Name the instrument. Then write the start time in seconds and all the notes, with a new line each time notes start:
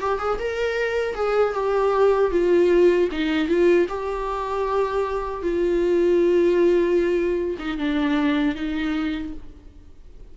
viola
0.00 G4
0.19 G#4
0.39 A#4
1.14 G#4
1.53 G4
2.31 F4
3.11 D#4
3.48 F4
3.89 G4
5.42 F4
7.58 D#4
7.78 D4
8.55 D#4